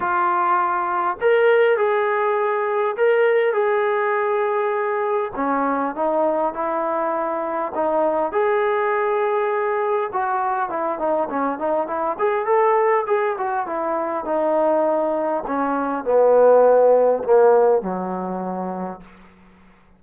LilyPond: \new Staff \with { instrumentName = "trombone" } { \time 4/4 \tempo 4 = 101 f'2 ais'4 gis'4~ | gis'4 ais'4 gis'2~ | gis'4 cis'4 dis'4 e'4~ | e'4 dis'4 gis'2~ |
gis'4 fis'4 e'8 dis'8 cis'8 dis'8 | e'8 gis'8 a'4 gis'8 fis'8 e'4 | dis'2 cis'4 b4~ | b4 ais4 fis2 | }